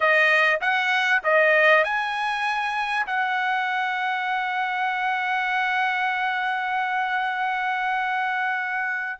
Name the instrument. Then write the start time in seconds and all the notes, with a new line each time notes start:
trumpet
0.00 D#5
0.61 F#5
1.23 D#5
1.84 G#5
3.06 F#5